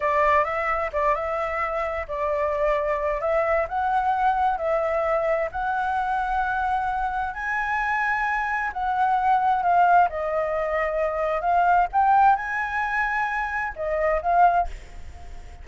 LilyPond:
\new Staff \with { instrumentName = "flute" } { \time 4/4 \tempo 4 = 131 d''4 e''4 d''8 e''4.~ | e''8 d''2~ d''8 e''4 | fis''2 e''2 | fis''1 |
gis''2. fis''4~ | fis''4 f''4 dis''2~ | dis''4 f''4 g''4 gis''4~ | gis''2 dis''4 f''4 | }